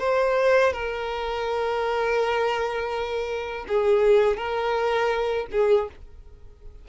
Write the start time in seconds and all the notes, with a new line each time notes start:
0.00 C5
0.73 A#4
3.68 G#4
4.37 A#4
5.52 G#4